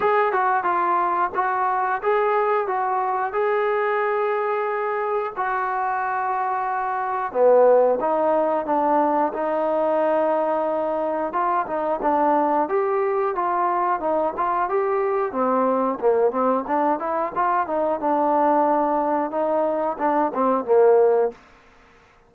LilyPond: \new Staff \with { instrumentName = "trombone" } { \time 4/4 \tempo 4 = 90 gis'8 fis'8 f'4 fis'4 gis'4 | fis'4 gis'2. | fis'2. b4 | dis'4 d'4 dis'2~ |
dis'4 f'8 dis'8 d'4 g'4 | f'4 dis'8 f'8 g'4 c'4 | ais8 c'8 d'8 e'8 f'8 dis'8 d'4~ | d'4 dis'4 d'8 c'8 ais4 | }